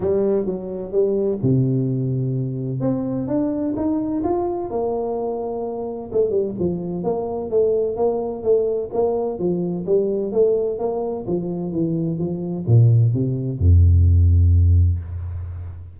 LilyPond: \new Staff \with { instrumentName = "tuba" } { \time 4/4 \tempo 4 = 128 g4 fis4 g4 c4~ | c2 c'4 d'4 | dis'4 f'4 ais2~ | ais4 a8 g8 f4 ais4 |
a4 ais4 a4 ais4 | f4 g4 a4 ais4 | f4 e4 f4 ais,4 | c4 f,2. | }